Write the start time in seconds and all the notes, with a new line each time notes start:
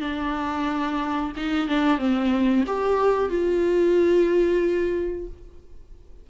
0.00 D4
1.36 D#4
1.68 D4
1.98 C4
2.66 G4
3.29 F4